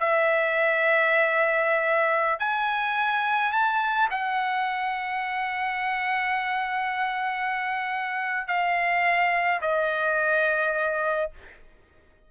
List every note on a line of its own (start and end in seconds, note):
0.00 2.39 E5
2.39 3.52 G#5
3.52 4.09 A5
4.11 8.47 F#5
8.47 9.60 F5
9.61 11.31 D#5